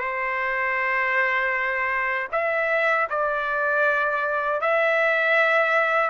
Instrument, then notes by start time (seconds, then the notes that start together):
trumpet
0.00 C5
2.32 E5
3.10 D5
4.61 E5